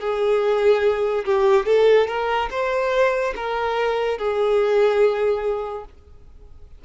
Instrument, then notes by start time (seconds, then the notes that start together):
violin
0.00 G#4
1.25 G4
1.66 A4
2.08 A#4
2.51 C5
3.36 A#4
4.19 G#4